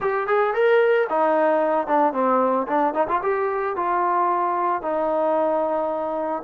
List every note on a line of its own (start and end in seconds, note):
0.00 0.27 G4
0.27 0.54 G#4
0.54 1.07 A#4
1.09 1.87 D#4
1.87 2.13 D4
2.13 2.66 C4
2.67 2.93 D4
2.93 3.07 D#4
3.08 3.21 F4
3.22 3.75 G4
3.76 4.82 F4
4.82 6.42 D#4